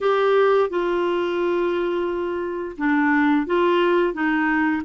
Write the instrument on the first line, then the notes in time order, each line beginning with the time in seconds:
clarinet
0.00 G4
0.69 F4
2.77 D4
3.46 F4
4.13 D#4